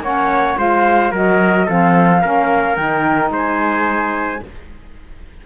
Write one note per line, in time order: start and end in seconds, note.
0.00 0.55 A#3
0.00 0.56 C#4
0.00 0.58 C#5
0.00 0.57 F#5
0.56 1.12 G#3
0.56 1.11 F4
0.56 1.11 C5
0.56 1.13 F5
1.11 1.67 F#3
1.11 1.67 F#4
1.11 1.65 A#4
1.11 1.68 D#5
1.65 2.23 F3
1.65 2.22 C4
1.65 2.21 A4
1.65 2.76 F5
2.21 2.77 A#3
2.21 2.77 C#4
2.21 3.31 A#4
2.76 3.30 D#3
2.76 4.42 D#4
2.76 3.31 G5
3.30 4.40 G#3
3.30 4.43 C5
3.36 4.46 G#5